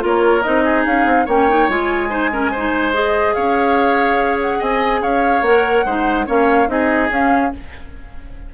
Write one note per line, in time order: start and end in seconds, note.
0.00 0.45 A#3
0.00 0.42 F4
0.00 0.64 A#4
0.00 0.42 C#5
0.42 0.86 C4
0.42 1.28 D#4
0.42 0.84 D#5
0.64 1.26 G#4
0.86 1.05 C#4
0.86 1.28 F5
1.05 1.26 C4
1.26 1.69 A#3
1.26 1.49 C#4
1.26 2.09 C#5
1.26 1.69 G5
1.49 1.70 D#4
1.69 3.35 G#3
1.69 2.10 F4
1.69 2.94 G#5
2.10 2.31 D#4
2.10 2.30 C5
2.31 2.52 C#4
2.31 2.51 A#4
2.51 2.94 D#4
2.51 3.35 C5
2.94 5.44 G#4
2.94 3.34 D#5
3.34 4.61 C#4
3.34 4.59 C#5
3.34 4.38 F5
4.41 4.62 F#5
4.59 5.02 C4
4.59 5.00 D#5
4.59 5.03 G#5
5.02 5.41 C#4
5.02 5.86 C#5
5.02 5.44 F5
5.41 5.83 A#3
5.41 5.87 A#4
5.41 6.27 F#5
5.85 6.27 G#3
5.85 6.26 D#4
5.85 6.26 C5
6.26 6.68 A#3
6.26 6.67 C#4
6.26 6.68 C#5
6.26 6.70 F5
6.67 7.10 C4
6.67 7.09 D#4
6.67 7.55 G#4
6.67 7.11 D#5
7.10 7.52 C#4
7.10 7.54 F5